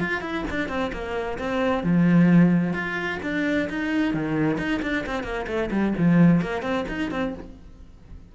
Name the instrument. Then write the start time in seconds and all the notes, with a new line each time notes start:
cello
0.00 F4
0.21 E4
0.50 D4
0.68 C4
0.92 A#3
1.38 C4
1.83 F3
2.73 F4
3.22 D4
3.69 D#4
4.14 D#3
4.58 D#4
4.82 D4
5.06 C4
5.23 A#3
5.47 A3
5.71 G3
5.98 F3
6.41 A#3
6.62 C4
6.88 D#4
7.11 C4